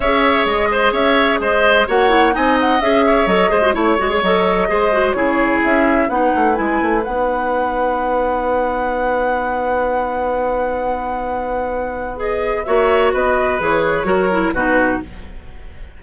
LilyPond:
<<
  \new Staff \with { instrumentName = "flute" } { \time 4/4 \tempo 4 = 128 e''4 dis''4 e''4 dis''4 | fis''4 gis''8 fis''8 e''4 dis''4 | cis''4 dis''2 cis''4 | e''4 fis''4 gis''4 fis''4~ |
fis''1~ | fis''1~ | fis''2 dis''4 e''4 | dis''4 cis''2 b'4 | }
  \new Staff \with { instrumentName = "oboe" } { \time 4/4 cis''4. c''8 cis''4 c''4 | cis''4 dis''4. cis''4 c''8 | cis''2 c''4 gis'4~ | gis'4 b'2.~ |
b'1~ | b'1~ | b'2. cis''4 | b'2 ais'4 fis'4 | }
  \new Staff \with { instrumentName = "clarinet" } { \time 4/4 gis'1 | fis'8 e'8 dis'4 gis'4 a'8 gis'16 fis'16 | e'8 fis'16 gis'16 a'4 gis'8 fis'8 e'4~ | e'4 dis'4 e'4 dis'4~ |
dis'1~ | dis'1~ | dis'2 gis'4 fis'4~ | fis'4 gis'4 fis'8 e'8 dis'4 | }
  \new Staff \with { instrumentName = "bassoon" } { \time 4/4 cis'4 gis4 cis'4 gis4 | ais4 c'4 cis'4 fis8 gis8 | a8 gis8 fis4 gis4 cis4 | cis'4 b8 a8 gis8 a8 b4~ |
b1~ | b1~ | b2. ais4 | b4 e4 fis4 b,4 | }
>>